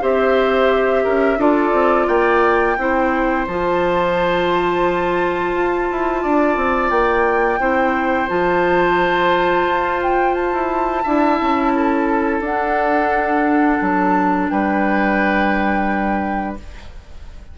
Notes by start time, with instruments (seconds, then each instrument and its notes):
0.00 bassoon C4, clarinet G4, oboe C5, flute E5
1.03 bassoon C#4, oboe A#4
1.37 bassoon D4, clarinet F4, oboe A4, flute D5
1.72 bassoon C4
2.07 bassoon A#3, oboe D5, flute G5
2.77 bassoon C4, clarinet E4, oboe C5
3.47 bassoon F3, clarinet F4, flute A5
5.53 bassoon F4
5.91 bassoon E4
6.22 bassoon D4, oboe D5
6.56 bassoon C4
6.90 bassoon A#3, flute G5
7.59 bassoon C4, clarinet E4, oboe C5
8.28 bassoon F3, clarinet F4, flute A5
9.66 bassoon F4
10.02 flute G5
10.34 flute A5
10.52 bassoon E4
11.03 bassoon D4, clarinet E4, oboe E5
11.40 bassoon C#4
11.75 oboe A4
12.40 bassoon D4, clarinet D4, flute F#5
13.81 bassoon F#3, flute A5
14.49 bassoon G3, oboe B4, flute G5